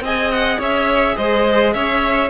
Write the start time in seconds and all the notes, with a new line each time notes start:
0.00 C4 G#4 D#5 G#5
0.31 F#5
0.58 C#4 C#5 E5
1.17 G#3 C5 D#5
1.73 C#4 C#5 E5